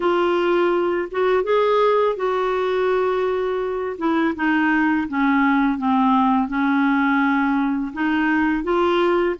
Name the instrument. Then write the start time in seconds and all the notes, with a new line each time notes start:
clarinet
0.00 F4
1.11 F#4
1.43 G#4
2.16 F#4
3.98 E4
4.35 D#4
5.08 C#4
5.78 C4
6.47 C#4
7.93 D#4
8.63 F4